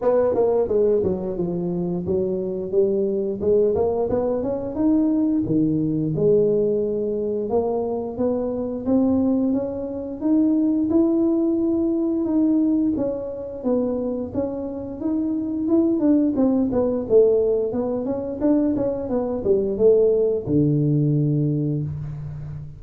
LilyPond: \new Staff \with { instrumentName = "tuba" } { \time 4/4 \tempo 4 = 88 b8 ais8 gis8 fis8 f4 fis4 | g4 gis8 ais8 b8 cis'8 dis'4 | dis4 gis2 ais4 | b4 c'4 cis'4 dis'4 |
e'2 dis'4 cis'4 | b4 cis'4 dis'4 e'8 d'8 | c'8 b8 a4 b8 cis'8 d'8 cis'8 | b8 g8 a4 d2 | }